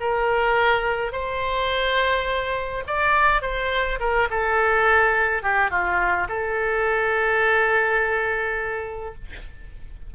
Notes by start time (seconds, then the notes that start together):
0.00 A#4
1.12 C5
2.87 D5
3.42 C5
3.99 A#4
4.30 A4
5.42 G4
5.71 F4
6.29 A4